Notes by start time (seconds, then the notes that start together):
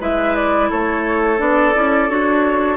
0.00 G#3 E4 B4 E5
0.35 D5
0.70 A3 A4 C#5
1.38 B3 D4 D5
1.75 C#4 E4
2.09 D4 F#4 C#5